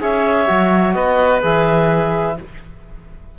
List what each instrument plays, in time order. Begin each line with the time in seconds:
0.00 cello C#4, trombone G#4, oboe C#5, clarinet E5
0.47 cello F#3, trombone F#4
0.93 cello B3, oboe B4, clarinet D#5
1.41 cello E3, trombone G#4, clarinet E5